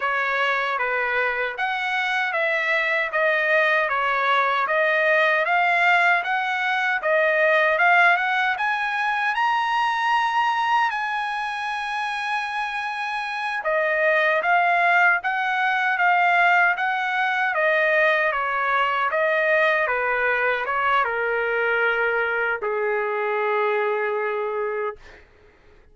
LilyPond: \new Staff \with { instrumentName = "trumpet" } { \time 4/4 \tempo 4 = 77 cis''4 b'4 fis''4 e''4 | dis''4 cis''4 dis''4 f''4 | fis''4 dis''4 f''8 fis''8 gis''4 | ais''2 gis''2~ |
gis''4. dis''4 f''4 fis''8~ | fis''8 f''4 fis''4 dis''4 cis''8~ | cis''8 dis''4 b'4 cis''8 ais'4~ | ais'4 gis'2. | }